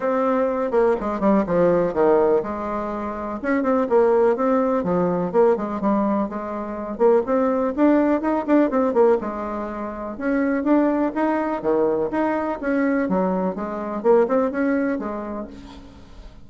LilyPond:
\new Staff \with { instrumentName = "bassoon" } { \time 4/4 \tempo 4 = 124 c'4. ais8 gis8 g8 f4 | dis4 gis2 cis'8 c'8 | ais4 c'4 f4 ais8 gis8 | g4 gis4. ais8 c'4 |
d'4 dis'8 d'8 c'8 ais8 gis4~ | gis4 cis'4 d'4 dis'4 | dis4 dis'4 cis'4 fis4 | gis4 ais8 c'8 cis'4 gis4 | }